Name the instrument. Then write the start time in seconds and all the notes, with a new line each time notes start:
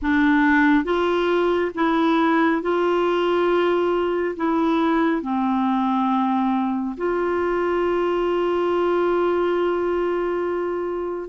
clarinet
0.02 D4
0.84 F4
1.74 E4
2.61 F4
4.36 E4
5.22 C4
6.97 F4